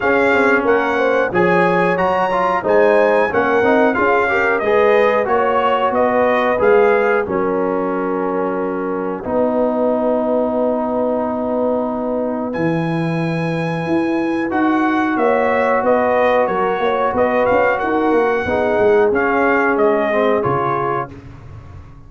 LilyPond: <<
  \new Staff \with { instrumentName = "trumpet" } { \time 4/4 \tempo 4 = 91 f''4 fis''4 gis''4 ais''4 | gis''4 fis''4 f''4 dis''4 | cis''4 dis''4 f''4 fis''4~ | fis''1~ |
fis''2. gis''4~ | gis''2 fis''4 e''4 | dis''4 cis''4 dis''8 f''8 fis''4~ | fis''4 f''4 dis''4 cis''4 | }
  \new Staff \with { instrumentName = "horn" } { \time 4/4 gis'4 ais'8 c''8 cis''2 | c''4 ais'4 gis'8 ais'8 b'4 | cis''4 b'2 ais'4~ | ais'2 b'2~ |
b'1~ | b'2. cis''4 | b'4 ais'8 cis''8 b'4 ais'4 | gis'1 | }
  \new Staff \with { instrumentName = "trombone" } { \time 4/4 cis'2 gis'4 fis'8 f'8 | dis'4 cis'8 dis'8 f'8 g'8 gis'4 | fis'2 gis'4 cis'4~ | cis'2 dis'2~ |
dis'2. e'4~ | e'2 fis'2~ | fis'1 | dis'4 cis'4. c'8 f'4 | }
  \new Staff \with { instrumentName = "tuba" } { \time 4/4 cis'8 c'8 ais4 f4 fis4 | gis4 ais8 c'8 cis'4 gis4 | ais4 b4 gis4 fis4~ | fis2 b2~ |
b2. e4~ | e4 e'4 dis'4 ais4 | b4 fis8 ais8 b8 cis'8 dis'8 ais8 | b8 gis8 cis'4 gis4 cis4 | }
>>